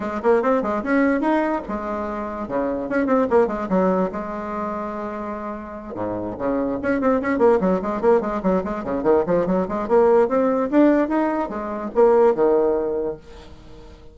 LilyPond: \new Staff \with { instrumentName = "bassoon" } { \time 4/4 \tempo 4 = 146 gis8 ais8 c'8 gis8 cis'4 dis'4 | gis2 cis4 cis'8 c'8 | ais8 gis8 fis4 gis2~ | gis2~ gis8 gis,4 cis8~ |
cis8 cis'8 c'8 cis'8 ais8 fis8 gis8 ais8 | gis8 fis8 gis8 cis8 dis8 f8 fis8 gis8 | ais4 c'4 d'4 dis'4 | gis4 ais4 dis2 | }